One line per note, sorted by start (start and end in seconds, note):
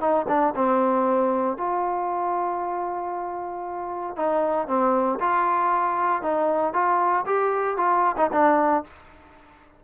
0.00 0.26 D#4
0.28 0.54 D4
0.55 1.57 C4
1.57 4.16 F4
4.16 4.67 D#4
4.67 5.19 C4
5.20 6.22 F4
6.22 6.73 D#4
6.73 7.25 F4
7.26 7.77 G4
7.77 8.16 F4
8.17 8.30 D#4
8.32 8.84 D4